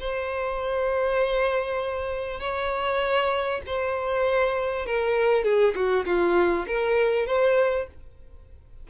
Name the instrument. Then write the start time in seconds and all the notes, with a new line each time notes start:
violin
0.00 C5
2.40 C#5
3.66 C5
4.86 A#4
5.44 G#4
5.75 F#4
6.05 F4
6.67 A#4
7.26 C5